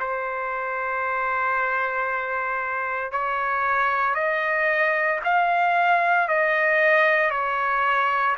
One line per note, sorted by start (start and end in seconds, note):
0.00 3.12 C5
3.12 4.14 C#5
4.14 5.20 D#5
5.24 6.28 F5
6.28 7.31 D#5
7.31 8.36 C#5